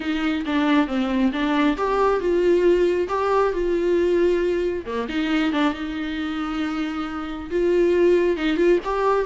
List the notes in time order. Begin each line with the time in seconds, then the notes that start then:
0.00 D#4
0.46 D4
0.87 C4
1.32 D4
1.77 G4
2.19 F4
3.08 G4
3.53 F4
4.85 A#3
5.09 D#4
5.52 D4
5.73 D#4
7.50 F4
8.36 D#4
8.56 F4
8.84 G4